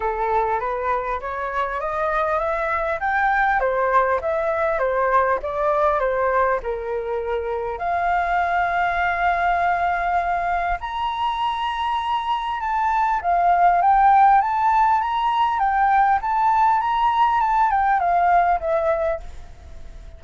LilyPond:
\new Staff \with { instrumentName = "flute" } { \time 4/4 \tempo 4 = 100 a'4 b'4 cis''4 dis''4 | e''4 g''4 c''4 e''4 | c''4 d''4 c''4 ais'4~ | ais'4 f''2.~ |
f''2 ais''2~ | ais''4 a''4 f''4 g''4 | a''4 ais''4 g''4 a''4 | ais''4 a''8 g''8 f''4 e''4 | }